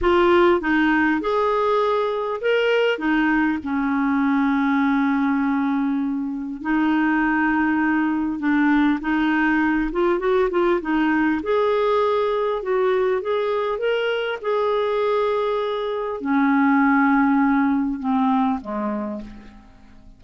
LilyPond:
\new Staff \with { instrumentName = "clarinet" } { \time 4/4 \tempo 4 = 100 f'4 dis'4 gis'2 | ais'4 dis'4 cis'2~ | cis'2. dis'4~ | dis'2 d'4 dis'4~ |
dis'8 f'8 fis'8 f'8 dis'4 gis'4~ | gis'4 fis'4 gis'4 ais'4 | gis'2. cis'4~ | cis'2 c'4 gis4 | }